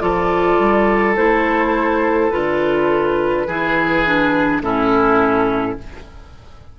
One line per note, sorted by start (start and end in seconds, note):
0.00 0.59 F3
0.00 1.15 F4
0.00 3.47 A4
0.00 1.16 D5
0.59 1.17 G3
1.16 2.32 A3
1.16 2.31 E4
1.16 2.31 C5
2.31 3.47 D3
2.31 3.47 F4
2.31 4.62 B4
3.47 4.62 E3
3.47 4.06 E4
3.47 4.62 G#4
4.06 4.63 D4
4.62 5.77 A2
4.62 5.78 C#4
4.62 5.79 E4
4.62 5.78 A4